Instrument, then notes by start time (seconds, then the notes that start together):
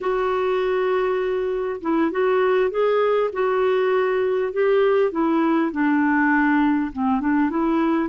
clarinet
0.00 F#4
1.81 E4
2.11 F#4
2.70 G#4
3.32 F#4
4.52 G4
5.11 E4
5.71 D4
6.92 C4
7.20 D4
7.50 E4